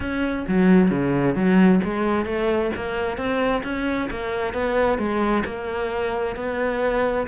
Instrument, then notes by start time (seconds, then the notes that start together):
cello
0.00 C#4
0.48 F#3
0.90 C#3
1.35 F#3
1.83 G#3
2.25 A3
2.75 A#3
3.17 C4
3.63 C#4
4.10 A#3
4.53 B3
4.98 G#3
5.45 A#3
6.36 B3